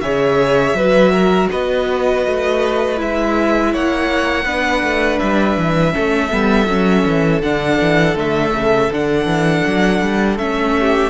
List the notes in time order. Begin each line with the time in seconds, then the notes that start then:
0.00 C#3 G#4 C#5 E5
0.73 F#3 F#4 B4
1.12 A#4
1.51 B3 B4 D#5
2.26 A3
2.96 G#3 E4 E5
3.73 A#3 C#5 F#5
4.45 B3 D4 B4
4.82 A3
5.19 G3 E5
5.57 E3
5.92 A3 C#4 A4
6.30 G3 B3
6.67 F#3 C#4
7.05 E3
7.42 D3 D4 F#5
7.81 E3
8.15 D3 A3 E5
8.53 C#3
8.91 D3 D4 F#5
9.25 E3
9.67 F#3
10.01 G3
10.37 A3 C#4 E5
10.79 G4